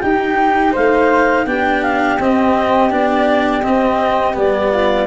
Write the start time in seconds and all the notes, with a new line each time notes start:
0.00 D#4 G4 G5
0.72 A3 C5 F5
1.46 B3 D4 G4 G5
1.83 F5
2.19 C4 D#5
2.90 B3 D4 D5
3.62 C4 D#5
4.33 G3 B3 D5
4.71 F4